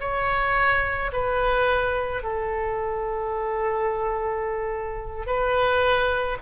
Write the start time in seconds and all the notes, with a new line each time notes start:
0.00 C#5
1.12 B4
2.23 A4
5.26 B4